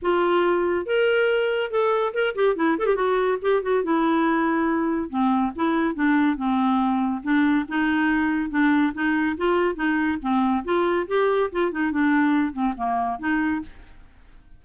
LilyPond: \new Staff \with { instrumentName = "clarinet" } { \time 4/4 \tempo 4 = 141 f'2 ais'2 | a'4 ais'8 g'8 e'8 a'16 g'16 fis'4 | g'8 fis'8 e'2. | c'4 e'4 d'4 c'4~ |
c'4 d'4 dis'2 | d'4 dis'4 f'4 dis'4 | c'4 f'4 g'4 f'8 dis'8 | d'4. c'8 ais4 dis'4 | }